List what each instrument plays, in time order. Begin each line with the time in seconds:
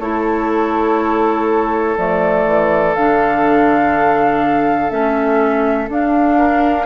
0.00 bassoon A3, clarinet E4, oboe A4, flute C#5
1.97 bassoon F3, clarinet A3, flute D5
2.46 bassoon E3
2.95 bassoon D3, clarinet D4, flute F5
4.90 bassoon A3, clarinet C#4, flute E5
5.89 bassoon D4, clarinet D4, flute F5
6.38 oboe A#4